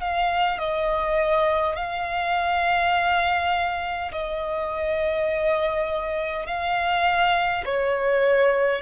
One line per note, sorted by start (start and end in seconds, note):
0.00 0.59 F5
0.59 1.76 D#5
1.76 4.11 F5
4.12 6.46 D#5
6.46 7.64 F5
7.65 8.81 C#5